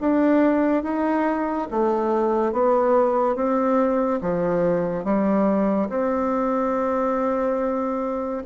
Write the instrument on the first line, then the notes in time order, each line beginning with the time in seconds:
bassoon
0.00 D4
0.83 D#4
1.71 A3
2.52 B3
3.35 C4
4.21 F3
5.04 G3
5.89 C4